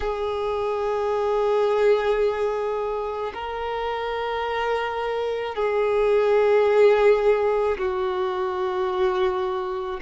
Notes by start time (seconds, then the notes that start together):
0.00 G#4
3.34 A#4
5.55 G#4
7.78 F#4